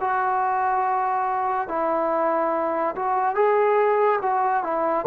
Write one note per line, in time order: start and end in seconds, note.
0.00 1.68 F#4
1.68 2.95 E4
2.95 3.35 F#4
3.35 4.19 G#4
4.21 4.63 F#4
4.63 5.06 E4